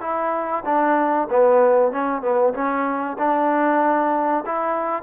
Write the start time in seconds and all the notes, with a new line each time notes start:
0.00 E4
0.65 D4
1.30 B3
1.91 C#4
2.22 B3
2.53 C#4
3.18 D4
4.45 E4